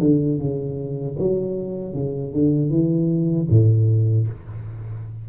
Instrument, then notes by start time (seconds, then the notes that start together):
tuba
0.00 D3
0.39 C#3
1.19 F#3
1.94 C#3
2.33 D3
2.70 E3
3.50 A2